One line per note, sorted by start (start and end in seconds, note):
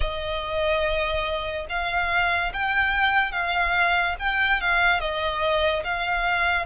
0.00 1.66 D#5
1.69 2.52 F5
2.53 3.32 G5
3.32 4.15 F5
4.19 4.61 G5
4.61 5.00 F5
5.00 5.83 D#5
5.83 6.65 F5